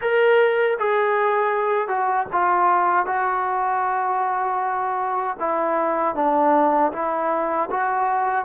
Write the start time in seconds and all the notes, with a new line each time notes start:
0.01 A#4
0.78 G#4
1.87 F#4
2.32 F4
3.06 F#4
5.39 E4
6.15 D4
6.92 E4
7.70 F#4